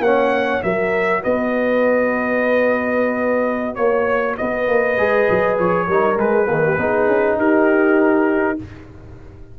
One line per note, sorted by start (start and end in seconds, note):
0.00 0.60 A#3
0.00 0.62 C#4
0.00 0.64 C#5
0.00 0.62 F#5
0.62 1.24 F#3
0.62 4.97 F#4
0.62 1.23 A#4
0.62 1.23 E5
1.23 3.78 B3
1.23 3.77 B4
1.23 3.75 D#5
3.75 4.38 A#3
3.75 4.35 C#5
3.75 4.37 C#5
4.37 4.68 B3
4.37 5.87 B4
4.37 5.57 D#5
4.68 4.97 A#3
4.97 5.27 G#3
4.97 5.87 G#4
5.30 5.59 F#3
5.59 5.88 F3
5.59 6.19 C#5
5.87 6.18 G3
5.87 6.16 D#4
5.87 6.47 A#4
6.16 6.46 G#3
6.16 6.47 G#3
6.16 7.39 B4
6.47 6.79 D#3
6.47 6.77 A#3
6.47 6.64 G#4
6.65 6.79 G4
6.78 7.08 B3
6.78 8.59 D#4
6.78 7.38 G#4
7.08 7.37 C#4
7.37 8.57 D#4
7.37 8.58 G4
7.37 8.59 A#4